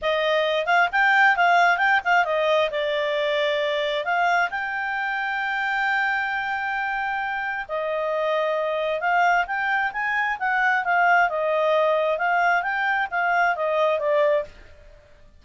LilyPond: \new Staff \with { instrumentName = "clarinet" } { \time 4/4 \tempo 4 = 133 dis''4. f''8 g''4 f''4 | g''8 f''8 dis''4 d''2~ | d''4 f''4 g''2~ | g''1~ |
g''4 dis''2. | f''4 g''4 gis''4 fis''4 | f''4 dis''2 f''4 | g''4 f''4 dis''4 d''4 | }